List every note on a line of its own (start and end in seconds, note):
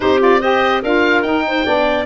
0.00 0.83 C4
0.00 0.18 D#4
0.00 0.40 G4
0.00 0.19 C5
0.18 0.39 F4
0.18 0.41 D5
0.40 0.82 G4
0.40 0.82 C5
0.40 0.82 D#5
0.82 1.22 D4
0.82 1.24 F4
0.82 1.44 A#4
0.82 1.22 F5
1.22 1.64 D#4
1.22 2.05 G5
1.47 1.65 C5
1.64 2.05 B3
1.64 2.05 D4
1.64 2.05 D5